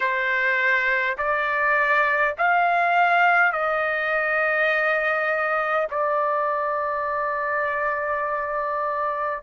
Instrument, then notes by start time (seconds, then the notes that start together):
trumpet
0.00 C5
1.17 D5
2.38 F5
3.52 D#5
5.90 D5